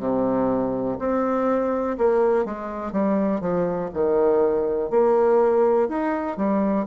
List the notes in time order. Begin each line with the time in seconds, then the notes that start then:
0.00 C3
0.99 C4
1.99 A#3
2.45 G#3
2.92 G3
3.41 F3
3.94 D#3
4.91 A#3
5.89 D#4
6.38 G3